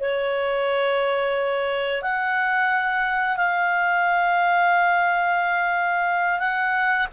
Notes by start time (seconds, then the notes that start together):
0.00 C#5
2.02 F#5
3.36 F5
6.39 F#5